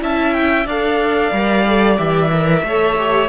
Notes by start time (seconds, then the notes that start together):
0.00 C#4 E4 E5 A5
0.34 G5
0.66 D4 A4 D5 F5
1.32 G3 A#4
1.67 A4
1.97 E3 G4 E5
2.34 A#4
2.63 A3 A4 C#5
2.98 G4